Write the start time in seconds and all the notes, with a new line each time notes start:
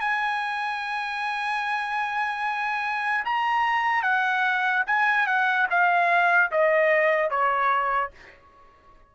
0.00 G#5
3.25 A#5
4.02 F#5
4.86 G#5
5.26 F#5
5.70 F5
6.51 D#5
7.30 C#5